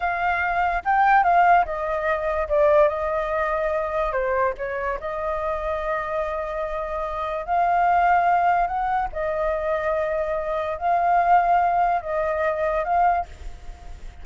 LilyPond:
\new Staff \with { instrumentName = "flute" } { \time 4/4 \tempo 4 = 145 f''2 g''4 f''4 | dis''2 d''4 dis''4~ | dis''2 c''4 cis''4 | dis''1~ |
dis''2 f''2~ | f''4 fis''4 dis''2~ | dis''2 f''2~ | f''4 dis''2 f''4 | }